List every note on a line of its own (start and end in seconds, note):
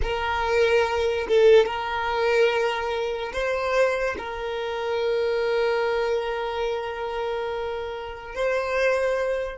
0.02 1.27 A#4
1.27 1.65 A4
1.65 3.32 A#4
3.32 4.16 C5
4.17 8.34 A#4
8.34 9.58 C5